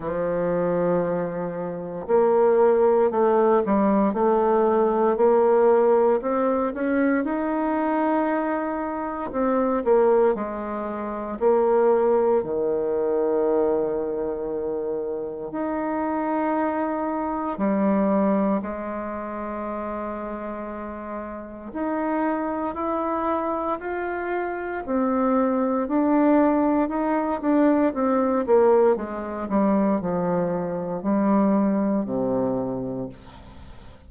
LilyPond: \new Staff \with { instrumentName = "bassoon" } { \time 4/4 \tempo 4 = 58 f2 ais4 a8 g8 | a4 ais4 c'8 cis'8 dis'4~ | dis'4 c'8 ais8 gis4 ais4 | dis2. dis'4~ |
dis'4 g4 gis2~ | gis4 dis'4 e'4 f'4 | c'4 d'4 dis'8 d'8 c'8 ais8 | gis8 g8 f4 g4 c4 | }